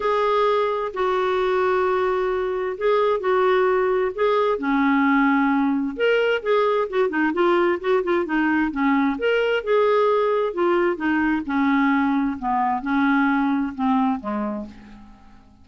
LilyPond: \new Staff \with { instrumentName = "clarinet" } { \time 4/4 \tempo 4 = 131 gis'2 fis'2~ | fis'2 gis'4 fis'4~ | fis'4 gis'4 cis'2~ | cis'4 ais'4 gis'4 fis'8 dis'8 |
f'4 fis'8 f'8 dis'4 cis'4 | ais'4 gis'2 f'4 | dis'4 cis'2 b4 | cis'2 c'4 gis4 | }